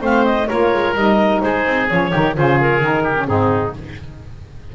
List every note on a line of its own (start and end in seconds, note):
0.00 0.47 A3
0.00 0.47 C4
0.00 0.47 C5
0.00 0.24 F5
0.24 0.47 D#5
0.47 0.73 A#3
0.47 0.95 F4
0.47 1.41 A#4
0.47 0.94 C#5
0.73 0.94 G#3
0.94 1.40 G3
0.94 1.87 D#4
0.94 1.41 D#5
1.41 1.66 G#3
1.41 2.10 G#4
1.41 1.87 C5
1.66 1.89 C4
1.87 2.14 F3
1.87 2.11 C#4
1.87 2.36 C#5
2.10 2.37 D#3
2.10 2.34 D#4
2.10 2.33 G4
2.34 2.81 C#3
2.34 2.81 F4
2.34 3.03 G#4
2.34 2.59 C5
2.60 3.26 A#4
2.81 3.27 D#3
2.81 3.16 D#4
3.03 3.26 G4
3.16 3.27 C#4
3.26 3.74 G#2
3.26 3.73 C4
3.26 3.75 D#4
3.26 3.73 G#4